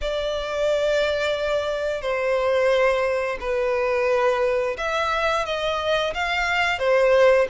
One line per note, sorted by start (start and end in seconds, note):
0.01 2.01 D5
2.01 3.37 C5
3.40 4.76 B4
4.77 5.45 E5
5.45 6.13 D#5
6.14 6.78 F5
6.78 7.47 C5